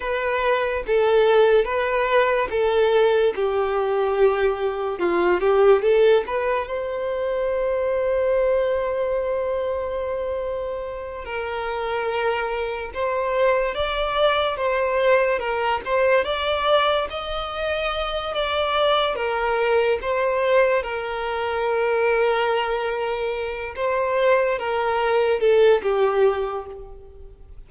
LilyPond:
\new Staff \with { instrumentName = "violin" } { \time 4/4 \tempo 4 = 72 b'4 a'4 b'4 a'4 | g'2 f'8 g'8 a'8 b'8 | c''1~ | c''4. ais'2 c''8~ |
c''8 d''4 c''4 ais'8 c''8 d''8~ | d''8 dis''4. d''4 ais'4 | c''4 ais'2.~ | ais'8 c''4 ais'4 a'8 g'4 | }